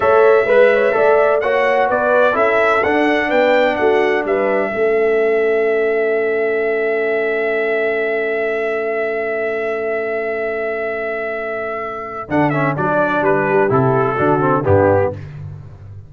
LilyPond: <<
  \new Staff \with { instrumentName = "trumpet" } { \time 4/4 \tempo 4 = 127 e''2. fis''4 | d''4 e''4 fis''4 g''4 | fis''4 e''2.~ | e''1~ |
e''1~ | e''1~ | e''2 fis''8 e''8 d''4 | b'4 a'2 g'4 | }
  \new Staff \with { instrumentName = "horn" } { \time 4/4 cis''4 b'8 cis''8 d''4 cis''4 | b'4 a'2 b'4 | fis'4 b'4 a'2~ | a'1~ |
a'1~ | a'1~ | a'1~ | a'8 g'4. fis'4 d'4 | }
  \new Staff \with { instrumentName = "trombone" } { \time 4/4 a'4 b'4 a'4 fis'4~ | fis'4 e'4 d'2~ | d'2 cis'2~ | cis'1~ |
cis'1~ | cis'1~ | cis'2 d'8 cis'8 d'4~ | d'4 e'4 d'8 c'8 b4 | }
  \new Staff \with { instrumentName = "tuba" } { \time 4/4 a4 gis4 a4 ais4 | b4 cis'4 d'4 b4 | a4 g4 a2~ | a1~ |
a1~ | a1~ | a2 d4 fis4 | g4 c4 d4 g,4 | }
>>